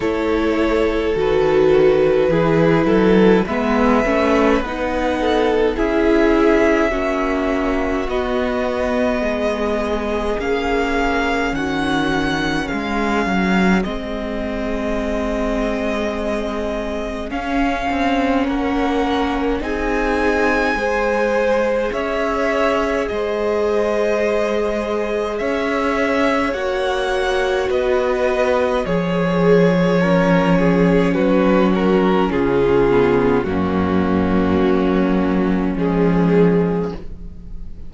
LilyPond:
<<
  \new Staff \with { instrumentName = "violin" } { \time 4/4 \tempo 4 = 52 cis''4 b'2 e''4 | fis''4 e''2 dis''4~ | dis''4 f''4 fis''4 f''4 | dis''2. f''4 |
fis''4 gis''2 e''4 | dis''2 e''4 fis''4 | dis''4 cis''2 b'8 ais'8 | gis'4 fis'2 gis'4 | }
  \new Staff \with { instrumentName = "violin" } { \time 4/4 a'2 gis'8 a'8 b'4~ | b'8 a'8 gis'4 fis'2 | gis'2 fis'4 gis'4~ | gis'1 |
ais'4 gis'4 c''4 cis''4 | c''2 cis''2 | b'4 gis'4 ais'8 gis'8 fis'4 | f'4 cis'2. | }
  \new Staff \with { instrumentName = "viola" } { \time 4/4 e'4 fis'4 e'4 b8 cis'8 | dis'4 e'4 cis'4 b4~ | b4 cis'2. | c'2. cis'4~ |
cis'4 dis'4 gis'2~ | gis'2. fis'4~ | fis'4 gis'4 cis'2~ | cis'8 b8 ais2 gis4 | }
  \new Staff \with { instrumentName = "cello" } { \time 4/4 a4 dis4 e8 fis8 gis8 a8 | b4 cis'4 ais4 b4 | gis4 ais4 dis4 gis8 fis8 | gis2. cis'8 c'8 |
ais4 c'4 gis4 cis'4 | gis2 cis'4 ais4 | b4 f2 fis4 | cis4 fis,4 fis4 f4 | }
>>